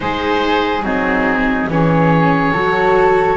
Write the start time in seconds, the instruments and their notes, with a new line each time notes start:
0.00 double bass G#3, viola D#4, flute G#4, oboe C5
0.83 double bass F#3, viola C4, flute D#4, oboe G#4
1.68 double bass E3, viola C#4, flute G#4, oboe C#5
2.53 double bass F#3, viola F#4, flute A4